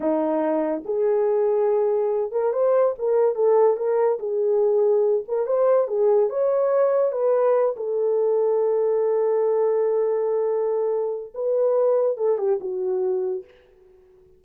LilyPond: \new Staff \with { instrumentName = "horn" } { \time 4/4 \tempo 4 = 143 dis'2 gis'2~ | gis'4. ais'8 c''4 ais'4 | a'4 ais'4 gis'2~ | gis'8 ais'8 c''4 gis'4 cis''4~ |
cis''4 b'4. a'4.~ | a'1~ | a'2. b'4~ | b'4 a'8 g'8 fis'2 | }